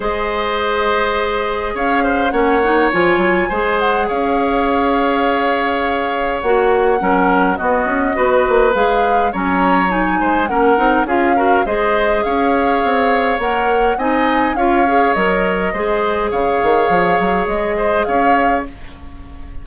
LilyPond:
<<
  \new Staff \with { instrumentName = "flute" } { \time 4/4 \tempo 4 = 103 dis''2. f''4 | fis''4 gis''4. fis''8 f''4~ | f''2. fis''4~ | fis''4 dis''2 f''4 |
ais''4 gis''4 fis''4 f''4 | dis''4 f''2 fis''4 | gis''4 f''4 dis''2 | f''2 dis''4 f''4 | }
  \new Staff \with { instrumentName = "oboe" } { \time 4/4 c''2. cis''8 c''8 | cis''2 c''4 cis''4~ | cis''1 | ais'4 fis'4 b'2 |
cis''4. c''8 ais'4 gis'8 ais'8 | c''4 cis''2. | dis''4 cis''2 c''4 | cis''2~ cis''8 c''8 cis''4 | }
  \new Staff \with { instrumentName = "clarinet" } { \time 4/4 gis'1 | cis'8 dis'8 f'4 gis'2~ | gis'2. fis'4 | cis'4 b4 fis'4 gis'4 |
cis'4 dis'4 cis'8 dis'8 f'8 fis'8 | gis'2. ais'4 | dis'4 f'8 gis'8 ais'4 gis'4~ | gis'1 | }
  \new Staff \with { instrumentName = "bassoon" } { \time 4/4 gis2. cis'4 | ais4 f8 fis8 gis4 cis'4~ | cis'2. ais4 | fis4 b8 cis'8 b8 ais8 gis4 |
fis4. gis8 ais8 c'8 cis'4 | gis4 cis'4 c'4 ais4 | c'4 cis'4 fis4 gis4 | cis8 dis8 f8 fis8 gis4 cis'4 | }
>>